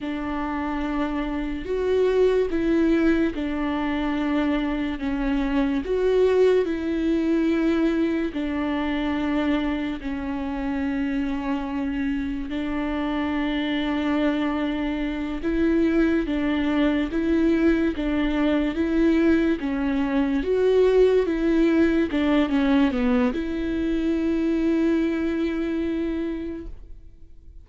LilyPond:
\new Staff \with { instrumentName = "viola" } { \time 4/4 \tempo 4 = 72 d'2 fis'4 e'4 | d'2 cis'4 fis'4 | e'2 d'2 | cis'2. d'4~ |
d'2~ d'8 e'4 d'8~ | d'8 e'4 d'4 e'4 cis'8~ | cis'8 fis'4 e'4 d'8 cis'8 b8 | e'1 | }